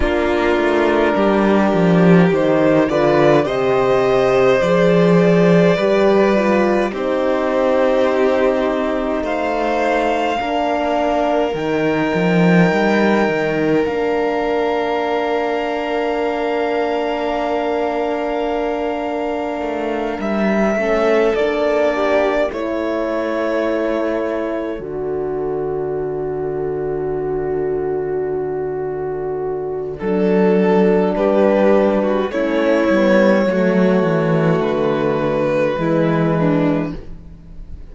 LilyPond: <<
  \new Staff \with { instrumentName = "violin" } { \time 4/4 \tempo 4 = 52 ais'2 c''8 d''8 dis''4 | d''2 c''2 | f''2 g''2 | f''1~ |
f''4. e''4 d''4 cis''8~ | cis''4. d''2~ d''8~ | d''2 a'4 b'4 | cis''2 b'2 | }
  \new Staff \with { instrumentName = "violin" } { \time 4/4 f'4 g'4. b'8 c''4~ | c''4 b'4 g'2 | c''4 ais'2.~ | ais'1~ |
ais'2 a'4 g'8 a'8~ | a'1~ | a'2. g'8. fis'16 | e'4 fis'2 e'8 d'8 | }
  \new Staff \with { instrumentName = "horn" } { \time 4/4 d'2 dis'8 f'8 g'4 | gis'4 g'8 f'8 dis'2~ | dis'4 d'4 dis'2 | d'1~ |
d'2 cis'8 d'4 e'8~ | e'4. fis'2~ fis'8~ | fis'2 d'2 | cis'8 b8 a2 gis4 | }
  \new Staff \with { instrumentName = "cello" } { \time 4/4 ais8 a8 g8 f8 dis8 d8 c4 | f4 g4 c'2 | a4 ais4 dis8 f8 g8 dis8 | ais1~ |
ais4 a8 g8 a8 ais4 a8~ | a4. d2~ d8~ | d2 fis4 g4 | a8 g8 fis8 e8 d4 e4 | }
>>